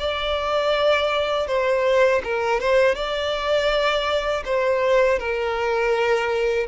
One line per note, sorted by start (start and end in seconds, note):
0.00 1.48 D5
1.48 2.22 C5
2.25 2.61 A#4
2.61 2.96 C5
2.96 4.44 D5
4.45 5.20 C5
5.20 6.68 A#4